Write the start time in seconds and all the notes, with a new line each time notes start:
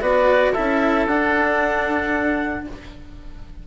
0.00 B3 F#4 B4 D5
0.53 C#4 E4 A4 E5
1.06 D4 F#5